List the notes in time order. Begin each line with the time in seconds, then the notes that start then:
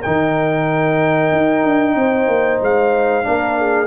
0.00 D#4 A#4 G5
0.07 D#3
1.32 D#4
1.65 D4
1.96 C4 C5
2.28 A#3
2.62 G#3 F5
3.24 A#3 D4 A#4
3.59 G#4